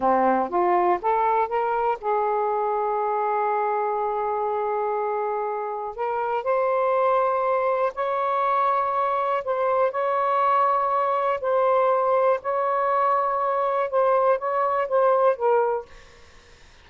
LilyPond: \new Staff \with { instrumentName = "saxophone" } { \time 4/4 \tempo 4 = 121 c'4 f'4 a'4 ais'4 | gis'1~ | gis'1 | ais'4 c''2. |
cis''2. c''4 | cis''2. c''4~ | c''4 cis''2. | c''4 cis''4 c''4 ais'4 | }